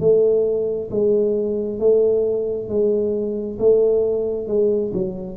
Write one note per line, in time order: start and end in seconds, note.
0.00 0.90 A3
0.91 1.79 G#3
1.79 2.69 A3
2.69 3.58 G#3
3.59 4.48 A3
4.48 4.93 G#3
4.94 5.37 F#3